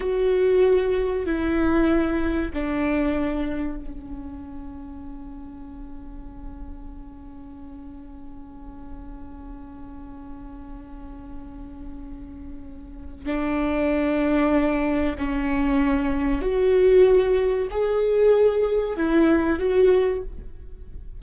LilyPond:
\new Staff \with { instrumentName = "viola" } { \time 4/4 \tempo 4 = 95 fis'2 e'2 | d'2 cis'2~ | cis'1~ | cis'1~ |
cis'1~ | cis'4 d'2. | cis'2 fis'2 | gis'2 e'4 fis'4 | }